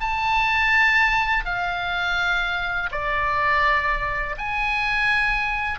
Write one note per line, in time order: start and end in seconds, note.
0.00 1.45 A5
1.45 2.90 F5
2.91 4.36 D5
4.38 5.79 G#5